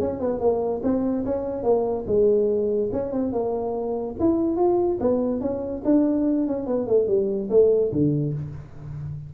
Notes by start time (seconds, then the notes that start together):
0.00 C#4
0.20 B3
0.40 A#3
0.83 C4
1.25 C#4
1.63 A#3
2.07 G#3
2.93 C#4
3.12 C4
3.33 A#3
4.20 E4
4.57 F4
5.00 B3
5.41 C#4
5.85 D4
6.47 C#4
6.67 B3
6.87 A3
7.08 G3
7.50 A3
7.92 D3